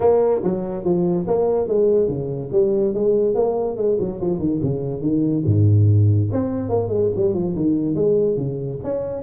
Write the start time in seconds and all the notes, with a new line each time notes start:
0.00 A#3
0.43 F#3
0.84 F3
1.27 A#3
1.68 G#3
2.08 C#3
2.52 G3
2.94 G#3
3.35 A#3
3.76 G#3
3.99 F#3
4.20 F3
4.39 D#3
4.62 C#3
5.01 D#3
5.45 G#2
6.31 C4
6.69 A#3
6.88 G#3
7.15 G3
7.34 F3
7.55 D#3
7.95 G#3
8.36 C#3
8.83 C#4